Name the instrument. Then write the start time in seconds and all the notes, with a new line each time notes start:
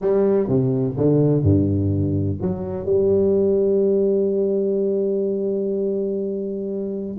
tuba
0.01 G3
0.48 C3
0.97 D3
1.42 G2
2.41 F#3
2.85 G3